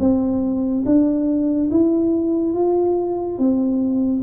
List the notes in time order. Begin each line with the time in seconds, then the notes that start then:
0.00 C4
0.86 D4
1.71 E4
2.54 F4
3.38 C4